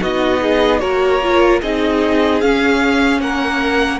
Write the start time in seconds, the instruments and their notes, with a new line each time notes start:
0.00 cello B3, viola D#4, violin F#4 D#5
0.42 violin G#4
0.79 cello A#3, viola F#4, violin A#4 C#5
1.22 viola F4
1.61 cello C4, viola D#4, violin G#4 D#5
2.40 cello C#4, viola C#4, violin F5
3.20 cello A#3, violin A#4 F#5